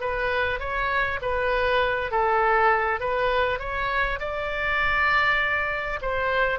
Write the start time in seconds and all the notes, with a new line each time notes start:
0.00 B4
0.59 C#5
1.21 B4
2.11 A4
3.00 B4
3.59 C#5
4.19 D5
6.01 C5